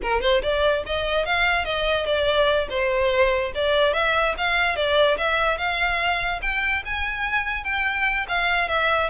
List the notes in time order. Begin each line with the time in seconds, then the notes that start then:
0.02 A#4
0.21 C5
0.42 D5
0.86 D#5
1.25 F5
1.64 D#5
2.05 D5
2.69 C5
3.54 D5
3.93 E5
4.37 F5
4.75 D5
5.17 E5
5.57 F5
6.41 G5
6.85 G#5
7.64 G5
8.28 F5
8.68 E5